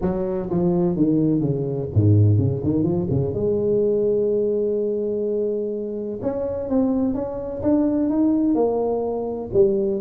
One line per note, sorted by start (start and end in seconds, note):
0.01 0.49 F#3
0.50 0.96 F3
0.96 1.40 D#3
1.40 1.88 C#3
1.94 2.38 G#2
2.38 2.62 C#3
2.63 2.83 D#3
2.83 3.06 F3
3.10 3.33 C#3
3.33 6.19 G#3
6.21 6.69 C#4
6.69 7.14 C4
7.14 7.61 C#4
7.62 8.09 D4
8.09 8.54 D#4
8.54 9.50 A#3
9.53 10.00 G3